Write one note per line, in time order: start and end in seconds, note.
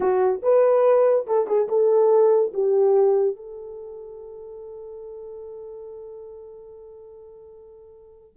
0.00 0.41 F#4
0.42 1.26 B4
1.26 1.47 A4
1.47 1.68 G#4
1.68 2.52 A4
2.53 3.36 G4
3.36 8.36 A4